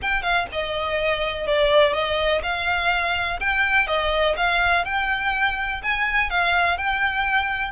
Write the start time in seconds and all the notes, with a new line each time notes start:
0.02 G5
0.22 F5
0.51 D#5
1.46 D5
1.93 D#5
2.42 F5
3.39 G5
3.87 D#5
4.36 F5
4.85 G5
5.82 G#5
6.30 F5
6.77 G5